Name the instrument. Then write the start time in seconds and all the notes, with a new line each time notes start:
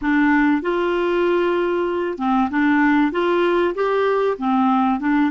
clarinet
0.01 D4
0.62 F4
2.18 C4
2.50 D4
3.12 F4
3.74 G4
4.38 C4
5.00 D4